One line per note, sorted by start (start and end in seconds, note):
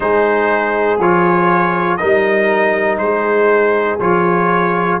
0.00 0.99 G#3
0.00 0.99 D#4
0.00 1.99 G#4
0.00 1.00 C5
0.99 1.99 F3
0.99 1.99 F4
0.99 1.96 C#5
1.96 2.99 G3
1.96 3.99 D#4
1.96 2.99 A#4
1.96 2.96 D#5
2.98 3.99 G#3
2.98 5.00 G#4
2.98 3.98 C5
4.00 5.00 F3
4.00 5.00 F4
4.00 5.00 C#5